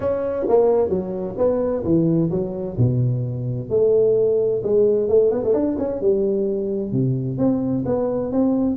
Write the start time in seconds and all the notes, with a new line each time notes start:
0.00 C#4
0.48 A#3
0.89 F#3
1.37 B3
1.83 E3
2.30 F#3
2.77 B2
3.69 A3
4.63 G#3
5.09 A3
5.31 B3
5.43 A3
5.53 D4
5.78 C#4
6.00 G3
6.92 C3
7.38 C4
7.85 B3
8.32 C4